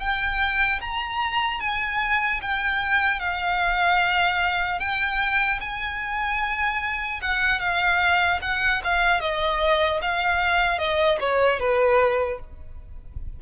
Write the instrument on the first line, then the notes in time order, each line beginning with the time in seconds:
violin
0.00 G5
0.81 A#5
1.60 G#5
2.42 G5
3.20 F5
4.80 G5
5.60 G#5
7.22 F#5
7.59 F5
8.41 F#5
8.84 F5
9.20 D#5
10.01 F5
10.78 D#5
11.20 C#5
11.59 B4